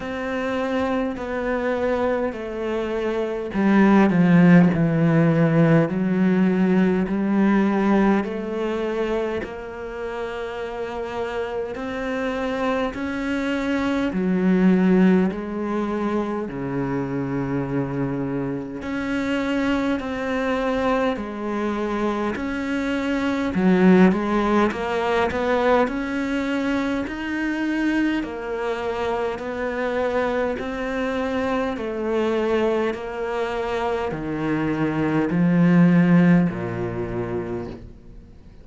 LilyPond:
\new Staff \with { instrumentName = "cello" } { \time 4/4 \tempo 4 = 51 c'4 b4 a4 g8 f8 | e4 fis4 g4 a4 | ais2 c'4 cis'4 | fis4 gis4 cis2 |
cis'4 c'4 gis4 cis'4 | fis8 gis8 ais8 b8 cis'4 dis'4 | ais4 b4 c'4 a4 | ais4 dis4 f4 ais,4 | }